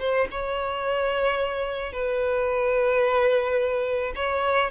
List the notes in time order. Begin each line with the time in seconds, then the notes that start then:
0.00 C5
0.31 C#5
1.93 B4
4.16 C#5